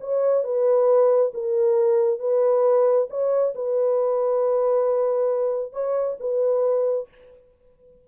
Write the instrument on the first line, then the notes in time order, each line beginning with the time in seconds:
horn
0.00 C#5
0.43 B4
1.33 A#4
2.19 B4
3.09 C#5
3.55 B4
5.72 C#5
6.20 B4